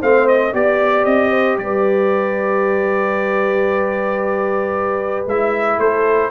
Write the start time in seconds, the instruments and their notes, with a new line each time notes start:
0.00 tuba A3, trombone C4, horn C5, trumpet F5
0.28 trumpet D#5
0.52 tuba B3, trombone G4, horn D5, trumpet D5
1.05 tuba C4, trumpet D#5
1.31 horn C5
1.58 tuba G3, horn B4, trumpet D5
5.26 tuba G#3, trombone E4, trumpet E5
5.78 tuba A3, horn A4, trumpet C5